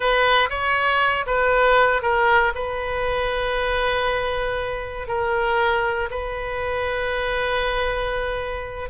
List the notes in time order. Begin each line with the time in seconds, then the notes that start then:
0.00 B4
0.49 C#5
1.26 B4
2.02 A#4
2.54 B4
5.07 A#4
6.10 B4